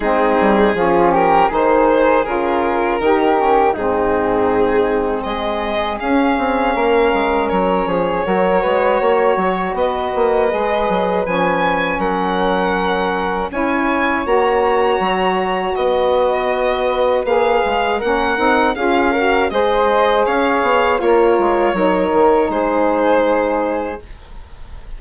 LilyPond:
<<
  \new Staff \with { instrumentName = "violin" } { \time 4/4 \tempo 4 = 80 gis'4. ais'8 c''4 ais'4~ | ais'4 gis'2 dis''4 | f''2 cis''2~ | cis''4 dis''2 gis''4 |
fis''2 gis''4 ais''4~ | ais''4 dis''2 f''4 | fis''4 f''4 dis''4 f''4 | cis''2 c''2 | }
  \new Staff \with { instrumentName = "flute" } { \time 4/4 dis'4 f'8 g'8 gis'2 | g'4 dis'2 gis'4~ | gis'4 ais'4. gis'8 ais'8 b'8 | cis''4 b'2. |
ais'2 cis''2~ | cis''4 b'2. | ais'4 gis'8 ais'8 c''4 cis''4 | f'4 ais'4 gis'2 | }
  \new Staff \with { instrumentName = "saxophone" } { \time 4/4 c'4 cis'4 dis'4 f'4 | dis'8 cis'8 c'2. | cis'2. fis'4~ | fis'2 gis'4 cis'4~ |
cis'2 e'4 fis'4~ | fis'2. gis'4 | cis'8 dis'8 f'8 fis'8 gis'2 | ais'4 dis'2. | }
  \new Staff \with { instrumentName = "bassoon" } { \time 4/4 gis8 g8 f4 dis4 cis4 | dis4 gis,2 gis4 | cis'8 c'8 ais8 gis8 fis8 f8 fis8 gis8 | ais8 fis8 b8 ais8 gis8 fis8 f4 |
fis2 cis'4 ais4 | fis4 b2 ais8 gis8 | ais8 c'8 cis'4 gis4 cis'8 b8 | ais8 gis8 fis8 dis8 gis2 | }
>>